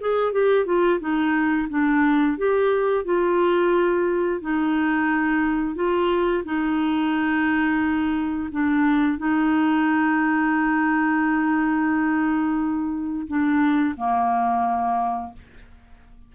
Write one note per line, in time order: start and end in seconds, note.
0.00 0.32 G#4
0.32 0.65 G4
0.65 0.99 F4
0.99 1.68 D#4
1.69 2.37 D4
2.37 3.05 G4
3.05 4.41 F4
4.41 5.75 D#4
5.75 6.43 F4
6.44 8.49 D#4
8.51 9.18 D4
9.18 13.27 D#4
13.27 13.95 D4
13.96 15.33 A#3